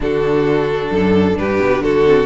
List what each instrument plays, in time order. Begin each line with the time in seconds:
0.00 cello D3, viola D4, violin F#4 A4
0.90 cello F#2, violin A4
1.37 cello G2, violin G4 B4
1.59 cello B2
1.79 cello D3, violin F#4 A4
2.06 viola C4